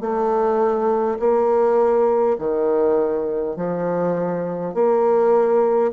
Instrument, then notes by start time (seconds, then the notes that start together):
bassoon
0.00 A3
1.19 A#3
2.39 D#3
3.56 F3
4.74 A#3